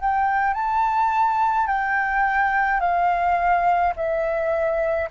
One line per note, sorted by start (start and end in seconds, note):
0.00 0.53 G5
0.53 1.66 A5
1.66 2.79 G5
2.80 3.93 F5
3.96 5.09 E5